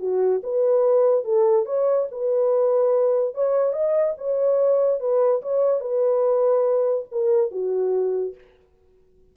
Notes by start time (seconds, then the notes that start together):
0.00 F#4
0.43 B4
1.25 A4
1.66 C#5
2.12 B4
3.35 C#5
3.73 D#5
4.18 C#5
5.00 B4
5.42 C#5
5.81 B4
7.12 A#4
7.52 F#4